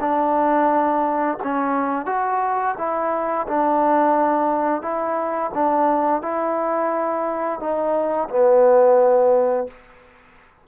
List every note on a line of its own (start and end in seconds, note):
0.00 1.38 D4
1.44 2.06 C#4
2.06 2.75 F#4
2.77 3.46 E4
3.47 4.82 D4
4.82 5.51 E4
5.54 6.22 D4
6.22 7.60 E4
7.60 8.29 D#4
8.29 9.67 B3